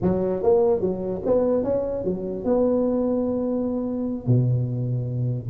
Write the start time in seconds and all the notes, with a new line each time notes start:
0.01 F#3
0.42 A#3
0.81 F#3
1.25 B3
1.63 C#4
2.04 F#3
2.44 B3
4.26 B2